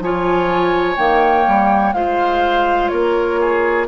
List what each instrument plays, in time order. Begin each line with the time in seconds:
0.00 bassoon F3, clarinet F4, oboe C#5, flute G#5
0.97 bassoon D#3, clarinet A#3, flute G5
1.48 bassoon G3
1.93 bassoon G#3, clarinet F4, oboe C5, flute F5
2.89 bassoon A#3, oboe A#4, flute C#5
3.41 oboe G#4